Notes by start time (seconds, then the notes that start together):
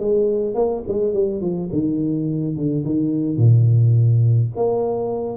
0.00 G#3
0.55 A#3
0.88 G#3
1.14 G3
1.42 F3
1.73 D#3
2.57 D3
2.85 D#3
3.38 A#2
4.56 A#3